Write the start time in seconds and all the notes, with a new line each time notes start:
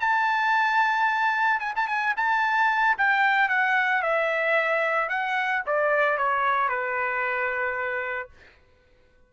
0.00 A5
1.60 G#5
1.76 A5
1.87 G#5
2.16 A5
2.98 G5
3.48 F#5
4.02 E5
5.09 F#5
5.66 D5
6.17 C#5
6.68 B4